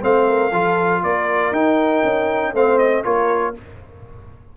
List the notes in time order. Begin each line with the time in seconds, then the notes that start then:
0.00 A3 C4 C5 F5
0.28 A#4
0.51 F3 F4 A4
1.03 A#3 A#4 D5
1.51 D#4 G5
2.03 C#4
2.53 A3 C4 C5 F5
2.78 D#5
3.03 A#3 F4 A#4 C#5